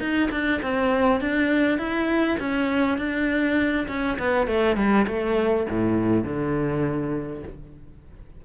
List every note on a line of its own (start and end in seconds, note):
0.00 0.30 D#4
0.31 0.61 D4
0.62 1.21 C4
1.21 1.78 D4
1.78 2.38 E4
2.40 2.98 C#4
2.98 3.87 D4
3.88 4.18 C#4
4.19 4.47 B3
4.47 4.77 A3
4.77 5.07 G3
5.07 5.67 A3
5.70 6.24 A2
6.24 7.43 D3